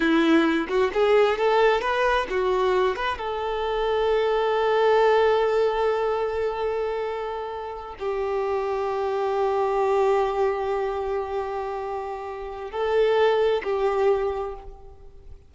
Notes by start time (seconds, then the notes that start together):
0.00 E4
0.68 F#4
0.93 G#4
1.38 A4
1.81 B4
2.30 F#4
2.95 B4
3.17 A4
7.99 G4
12.71 A4
13.63 G4